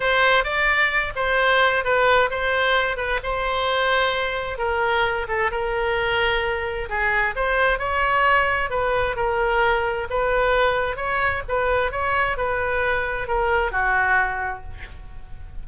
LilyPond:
\new Staff \with { instrumentName = "oboe" } { \time 4/4 \tempo 4 = 131 c''4 d''4. c''4. | b'4 c''4. b'8 c''4~ | c''2 ais'4. a'8 | ais'2. gis'4 |
c''4 cis''2 b'4 | ais'2 b'2 | cis''4 b'4 cis''4 b'4~ | b'4 ais'4 fis'2 | }